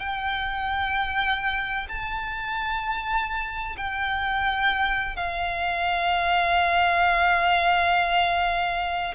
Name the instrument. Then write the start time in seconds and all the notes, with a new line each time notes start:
violin
0.00 G5
1.89 A5
3.77 G5
5.16 F5